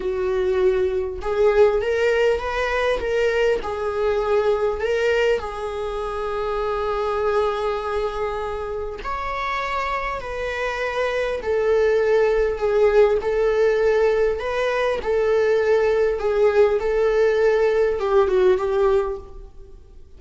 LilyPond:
\new Staff \with { instrumentName = "viola" } { \time 4/4 \tempo 4 = 100 fis'2 gis'4 ais'4 | b'4 ais'4 gis'2 | ais'4 gis'2.~ | gis'2. cis''4~ |
cis''4 b'2 a'4~ | a'4 gis'4 a'2 | b'4 a'2 gis'4 | a'2 g'8 fis'8 g'4 | }